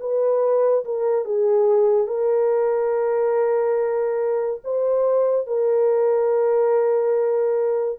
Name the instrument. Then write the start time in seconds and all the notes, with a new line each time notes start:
horn
0.00 B4
0.85 A#4
1.25 G#4
2.07 A#4
4.64 C5
5.47 A#4